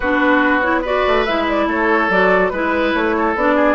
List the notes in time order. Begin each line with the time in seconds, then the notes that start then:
0.00 B3 D4 F#4 B4
0.61 E4 C#5
0.81 F#4 B4 D5
1.07 A3
1.25 G#3 E4 E5
1.48 D5
1.66 A3 A4 C#5
2.09 F#3 F#4 D5
2.49 G#3 E4 B4
2.94 A3 C#5
3.17 A4
3.35 B3 D4 D5
3.55 G#4